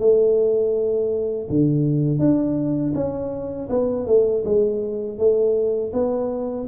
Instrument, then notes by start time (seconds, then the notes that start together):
tuba
0.00 A3
1.50 D3
2.19 D4
2.95 C#4
3.70 B3
4.07 A3
4.45 G#3
5.19 A3
5.94 B3